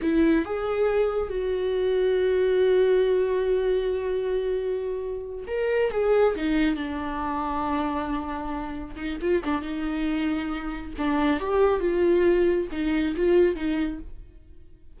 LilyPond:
\new Staff \with { instrumentName = "viola" } { \time 4/4 \tempo 4 = 137 e'4 gis'2 fis'4~ | fis'1~ | fis'1~ | fis'8 ais'4 gis'4 dis'4 d'8~ |
d'1~ | d'8 dis'8 f'8 d'8 dis'2~ | dis'4 d'4 g'4 f'4~ | f'4 dis'4 f'4 dis'4 | }